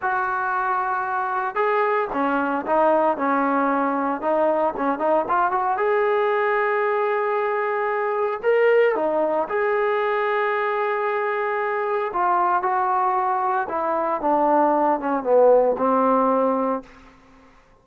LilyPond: \new Staff \with { instrumentName = "trombone" } { \time 4/4 \tempo 4 = 114 fis'2. gis'4 | cis'4 dis'4 cis'2 | dis'4 cis'8 dis'8 f'8 fis'8 gis'4~ | gis'1 |
ais'4 dis'4 gis'2~ | gis'2. f'4 | fis'2 e'4 d'4~ | d'8 cis'8 b4 c'2 | }